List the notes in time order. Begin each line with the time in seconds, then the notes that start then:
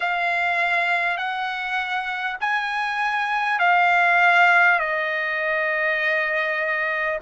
0.00 F5
1.17 F#5
2.40 G#5
3.59 F5
4.79 D#5